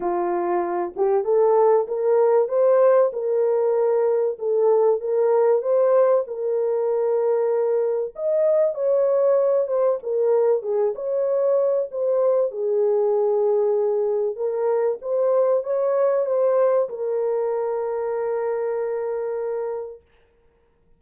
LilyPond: \new Staff \with { instrumentName = "horn" } { \time 4/4 \tempo 4 = 96 f'4. g'8 a'4 ais'4 | c''4 ais'2 a'4 | ais'4 c''4 ais'2~ | ais'4 dis''4 cis''4. c''8 |
ais'4 gis'8 cis''4. c''4 | gis'2. ais'4 | c''4 cis''4 c''4 ais'4~ | ais'1 | }